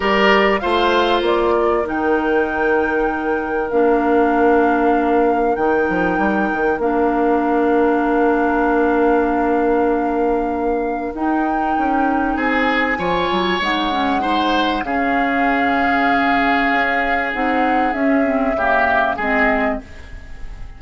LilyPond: <<
  \new Staff \with { instrumentName = "flute" } { \time 4/4 \tempo 4 = 97 d''4 f''4 d''4 g''4~ | g''2 f''2~ | f''4 g''2 f''4~ | f''1~ |
f''2 g''2 | gis''2 fis''2 | f''1 | fis''4 e''2 dis''4 | }
  \new Staff \with { instrumentName = "oboe" } { \time 4/4 ais'4 c''4. ais'4.~ | ais'1~ | ais'1~ | ais'1~ |
ais'1 | gis'4 cis''2 c''4 | gis'1~ | gis'2 g'4 gis'4 | }
  \new Staff \with { instrumentName = "clarinet" } { \time 4/4 g'4 f'2 dis'4~ | dis'2 d'2~ | d'4 dis'2 d'4~ | d'1~ |
d'2 dis'2~ | dis'4 f'4 dis'8 cis'8 dis'4 | cis'1 | dis'4 cis'8 c'8 ais4 c'4 | }
  \new Staff \with { instrumentName = "bassoon" } { \time 4/4 g4 a4 ais4 dis4~ | dis2 ais2~ | ais4 dis8 f8 g8 dis8 ais4~ | ais1~ |
ais2 dis'4 cis'4 | c'4 f8 fis8 gis2 | cis2. cis'4 | c'4 cis'4 cis4 gis4 | }
>>